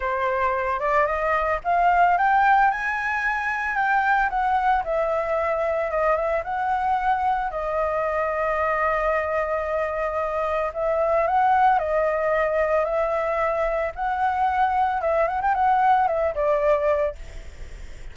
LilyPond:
\new Staff \with { instrumentName = "flute" } { \time 4/4 \tempo 4 = 112 c''4. d''8 dis''4 f''4 | g''4 gis''2 g''4 | fis''4 e''2 dis''8 e''8 | fis''2 dis''2~ |
dis''1 | e''4 fis''4 dis''2 | e''2 fis''2 | e''8 fis''16 g''16 fis''4 e''8 d''4. | }